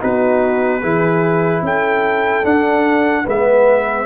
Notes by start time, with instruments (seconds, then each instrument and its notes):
0.00 tuba B3, trombone D#4, horn F#4, trumpet B4
0.80 tuba E3, trombone E4, horn G#4
1.62 tuba C#4, horn A4, trumpet G5
2.44 trombone D4, tuba D4, trumpet F#5
3.23 tuba G#3, trombone B3, horn B4, trumpet E5